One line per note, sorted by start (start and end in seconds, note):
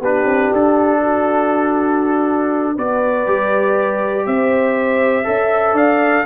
0.00 0.24 B3
0.00 2.77 D4
0.00 1.00 G4
0.00 0.53 B4
0.24 0.49 C4
0.52 2.77 D4
0.52 2.77 A4
1.01 2.75 F#4
2.75 3.27 B3
2.75 3.26 F#4
2.75 4.25 B4
2.75 4.26 D5
3.26 4.26 G3
3.26 5.24 G4
4.26 5.26 C4
4.26 5.26 C5
4.26 5.76 E5
5.24 5.72 C#4
5.24 6.24 A4
5.24 5.73 E5
5.72 6.22 D4
5.72 6.23 D5
5.72 6.25 F5